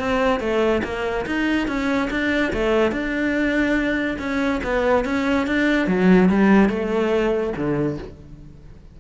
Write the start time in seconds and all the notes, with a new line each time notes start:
0.00 C4
0.40 A3
0.84 A#3
1.26 D#4
1.68 C#4
2.11 D4
2.54 A3
2.92 D4
4.19 C#4
4.64 B3
5.05 C#4
5.47 D4
5.88 F#3
6.30 G3
6.70 A3
7.57 D3